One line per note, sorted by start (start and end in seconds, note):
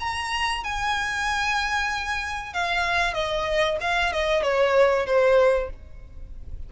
0.00 0.64 A#5
0.64 2.54 G#5
2.54 3.14 F5
3.14 3.78 D#5
3.81 4.13 F5
4.13 4.43 D#5
4.43 5.06 C#5
5.06 5.70 C5